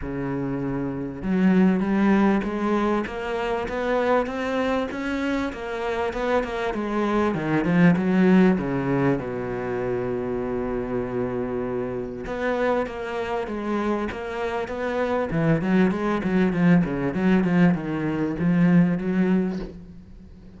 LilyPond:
\new Staff \with { instrumentName = "cello" } { \time 4/4 \tempo 4 = 98 cis2 fis4 g4 | gis4 ais4 b4 c'4 | cis'4 ais4 b8 ais8 gis4 | dis8 f8 fis4 cis4 b,4~ |
b,1 | b4 ais4 gis4 ais4 | b4 e8 fis8 gis8 fis8 f8 cis8 | fis8 f8 dis4 f4 fis4 | }